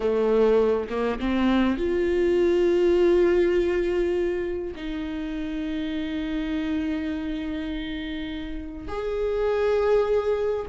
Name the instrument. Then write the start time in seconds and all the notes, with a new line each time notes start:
viola
0.00 A3
0.89 A#3
1.19 C4
1.77 F4
4.75 D#4
8.88 G#4